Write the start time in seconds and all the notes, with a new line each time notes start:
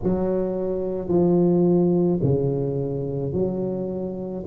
0.03 F#3
1.08 F3
2.22 C#3
3.32 F#3